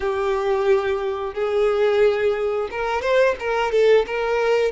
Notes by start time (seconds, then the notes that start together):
0.00 G4
1.33 G#4
2.70 A#4
3.01 C5
3.39 A#4
3.71 A4
4.06 A#4